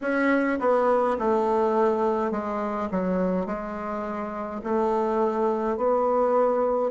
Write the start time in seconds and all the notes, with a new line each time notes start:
0.01 C#4
0.59 B3
1.19 A3
2.31 G#3
2.91 F#3
3.46 G#3
4.63 A3
5.76 B3